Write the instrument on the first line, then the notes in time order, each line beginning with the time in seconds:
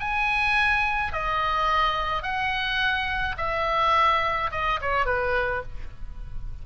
oboe
0.00 G#5
1.12 D#5
2.23 F#5
3.37 E5
4.52 D#5
4.81 C#5
5.06 B4